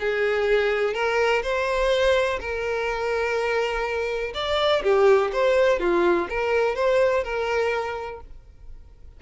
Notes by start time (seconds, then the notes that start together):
0.00 G#4
0.94 A#4
1.43 C5
2.40 A#4
4.34 D5
4.83 G4
5.33 C5
5.80 F4
6.29 A#4
6.76 C5
7.24 A#4